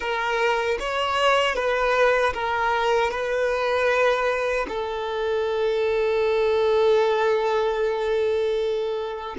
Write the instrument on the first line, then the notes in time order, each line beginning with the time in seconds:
violin
0.00 A#4
0.79 C#5
1.55 B4
2.33 A#4
3.10 B4
4.68 A4